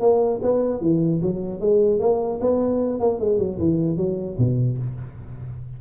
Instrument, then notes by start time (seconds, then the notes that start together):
tuba
0.00 A#3
0.42 B3
0.81 E3
1.22 F#3
1.60 G#3
2.00 A#3
2.41 B3
3.00 A#3
3.20 G#3
3.39 F#3
3.59 E3
3.97 F#3
4.38 B2